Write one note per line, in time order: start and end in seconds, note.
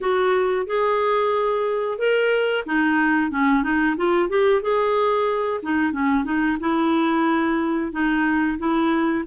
0.01 0.66 F#4
0.66 1.98 G#4
1.98 2.64 A#4
2.66 3.31 D#4
3.31 3.63 C#4
3.63 3.96 D#4
3.96 4.29 F4
4.29 4.62 G4
4.62 5.60 G#4
5.62 5.92 D#4
5.92 6.24 C#4
6.24 6.57 D#4
6.60 7.92 E4
7.92 8.57 D#4
8.58 9.24 E4